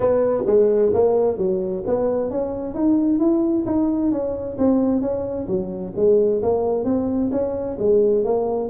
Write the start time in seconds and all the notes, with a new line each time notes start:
0.00 B3
0.46 G#3
0.93 A#3
1.37 F#3
1.86 B3
2.30 C#4
2.74 D#4
3.19 E4
3.65 D#4
4.11 C#4
4.58 C4
5.01 C#4
5.47 F#3
5.95 G#3
6.42 A#3
6.84 C4
7.31 C#4
7.78 G#3
8.24 A#3